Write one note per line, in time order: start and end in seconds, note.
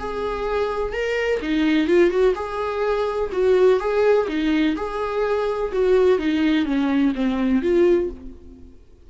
0.00 0.93 G#4
0.93 1.41 A#4
1.42 1.88 D#4
1.88 2.11 F4
2.11 2.34 F#4
2.36 3.31 G#4
3.32 3.80 F#4
3.80 4.28 G#4
4.29 4.76 D#4
4.77 5.72 G#4
5.73 6.19 F#4
6.19 6.66 D#4
6.66 7.14 C#4
7.15 7.63 C4
7.63 8.10 F4